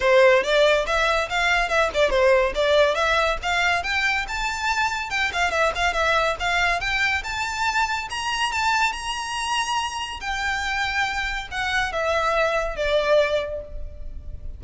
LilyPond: \new Staff \with { instrumentName = "violin" } { \time 4/4 \tempo 4 = 141 c''4 d''4 e''4 f''4 | e''8 d''8 c''4 d''4 e''4 | f''4 g''4 a''2 | g''8 f''8 e''8 f''8 e''4 f''4 |
g''4 a''2 ais''4 | a''4 ais''2. | g''2. fis''4 | e''2 d''2 | }